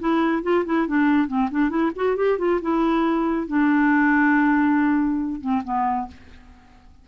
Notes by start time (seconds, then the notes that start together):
0.00 E4
0.43 F4
0.66 E4
0.88 D4
1.28 C4
1.51 D4
1.70 E4
1.96 F#4
2.17 G4
2.39 F4
2.62 E4
3.47 D4
5.41 C4
5.65 B3